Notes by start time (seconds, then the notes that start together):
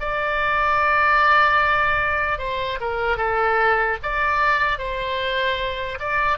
0.00 D5
2.39 C5
2.80 A#4
3.17 A4
4.03 D5
4.79 C5
6.00 D5